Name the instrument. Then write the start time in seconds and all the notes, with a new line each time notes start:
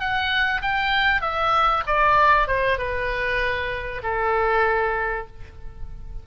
oboe
0.00 F#5
0.62 G5
1.22 E5
1.87 D5
2.48 C5
2.79 B4
4.03 A4